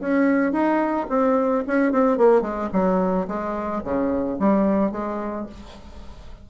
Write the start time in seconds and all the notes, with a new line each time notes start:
0.00 C#4
0.52 D#4
1.09 C4
1.67 C#4
1.91 C4
2.17 A#3
2.41 G#3
2.72 F#3
3.27 G#3
3.83 C#3
4.39 G3
4.91 G#3